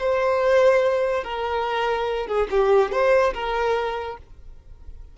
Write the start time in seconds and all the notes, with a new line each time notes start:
0.00 C5
1.24 A#4
2.27 G#4
2.51 G4
2.92 C5
3.34 A#4